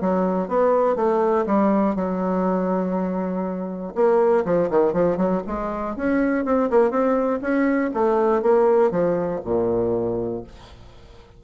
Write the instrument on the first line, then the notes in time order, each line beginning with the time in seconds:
bassoon
0.00 F#3
0.48 B3
0.95 A3
1.46 G3
1.95 F#3
3.95 A#3
4.45 F3
4.70 D#3
4.92 F3
5.17 F#3
5.46 G#3
5.96 C#4
6.44 C4
6.70 A#3
6.90 C4
7.41 C#4
7.93 A3
8.42 A#3
8.91 F3
9.44 A#2